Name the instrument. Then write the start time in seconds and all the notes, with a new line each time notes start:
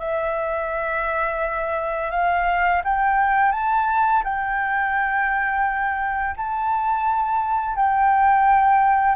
flute
0.00 E5
2.12 F5
2.85 G5
3.52 A5
4.24 G5
6.37 A5
7.76 G5